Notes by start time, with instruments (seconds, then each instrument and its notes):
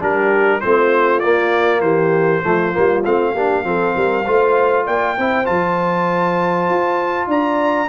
0.00 tuba G3, trombone D4, horn G4, trumpet A#4
0.60 tuba A3, trombone C4, horn F4, trumpet C5
1.20 trombone A#3, tuba A#3, trumpet D5
1.80 tuba E3, horn G4, trumpet C5
2.42 tuba F3, trombone A3, horn F4
2.73 tuba G3, trombone A#3
3.04 tuba A3, trombone C4, trumpet F5
3.33 tuba A#3, trombone D4, horn G4
3.63 tuba F3, trombone C4, horn A4
3.94 tuba G3, horn A#4
4.24 tuba A3, trombone F4, horn C5
4.85 tuba A#3, horn D5, trumpet G5
5.18 tuba C4, trombone E4, horn C5
5.45 tuba F3, trombone F4, trumpet A5
6.69 tuba F4
7.27 tuba D4, horn D5, trumpet A#5